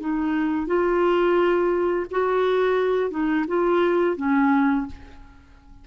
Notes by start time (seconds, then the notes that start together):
0.00 D#4
0.67 F4
2.11 F#4
3.10 D#4
3.48 F4
4.16 C#4